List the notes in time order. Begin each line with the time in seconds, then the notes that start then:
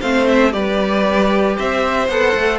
0.00 A3 C4 C5 F5
0.28 E5
0.51 G3 G4 B4 D5
1.57 C4 C5 E5
2.09 B3 A4 F#5
2.35 A3